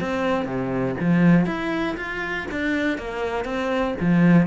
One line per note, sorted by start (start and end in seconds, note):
0.00 0.45 C4
0.45 0.95 C3
1.00 1.45 F3
1.45 1.95 E4
1.97 2.47 F4
2.50 2.97 D4
2.97 3.44 A#3
3.44 3.94 C4
4.00 4.47 F3